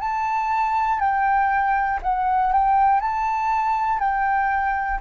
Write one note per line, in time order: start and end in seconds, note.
0.00 1.00 A5
1.00 2.00 G5
2.03 2.53 F#5
2.53 3.00 G5
3.00 3.99 A5
3.99 4.99 G5